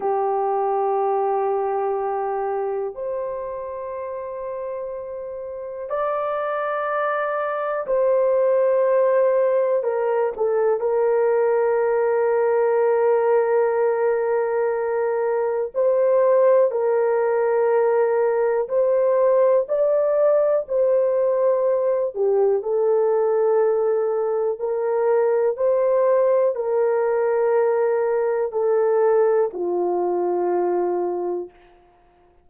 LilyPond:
\new Staff \with { instrumentName = "horn" } { \time 4/4 \tempo 4 = 61 g'2. c''4~ | c''2 d''2 | c''2 ais'8 a'8 ais'4~ | ais'1 |
c''4 ais'2 c''4 | d''4 c''4. g'8 a'4~ | a'4 ais'4 c''4 ais'4~ | ais'4 a'4 f'2 | }